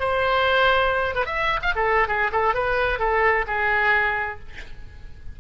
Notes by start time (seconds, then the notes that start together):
0.00 C5
1.15 B4
1.25 E5
1.62 F5
1.75 A4
2.08 G#4
2.32 A4
2.54 B4
2.99 A4
3.47 G#4